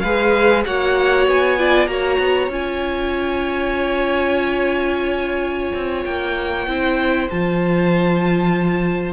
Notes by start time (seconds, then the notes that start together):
0.00 G#3 G#4 B4 F5
0.65 A#3 F#4 C#5 F#5
1.26 B3 G#5
1.58 F4 D5
1.87 A#3 F#4 C#5 A#5
2.19 B3
2.48 C#4 F4 G#5
5.74 C4
6.04 A#3 G5
6.67 C4 E4 C5
7.30 F3 F4 A5